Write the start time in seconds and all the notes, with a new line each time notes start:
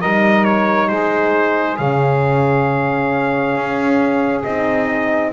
0.00 G3 D#4 A#4 D#5
0.44 C#5
0.89 G#3 G#4 C5
1.78 C#3 C#4 F5
3.56 C#4
4.44 C4 D#4 D#5